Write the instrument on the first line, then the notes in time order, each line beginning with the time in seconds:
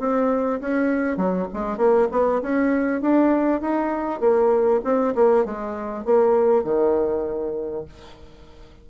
bassoon
0.00 C4
0.61 C#4
1.17 F#3
1.54 G#3
1.78 A#3
2.12 B3
2.42 C#4
3.02 D4
3.61 D#4
4.21 A#3
4.85 C4
5.15 A#3
5.46 G#3
6.06 A#3
6.64 D#3